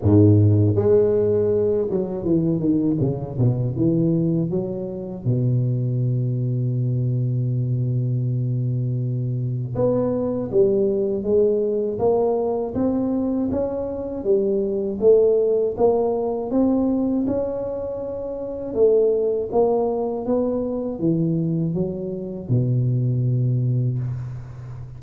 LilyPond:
\new Staff \with { instrumentName = "tuba" } { \time 4/4 \tempo 4 = 80 gis,4 gis4. fis8 e8 dis8 | cis8 b,8 e4 fis4 b,4~ | b,1~ | b,4 b4 g4 gis4 |
ais4 c'4 cis'4 g4 | a4 ais4 c'4 cis'4~ | cis'4 a4 ais4 b4 | e4 fis4 b,2 | }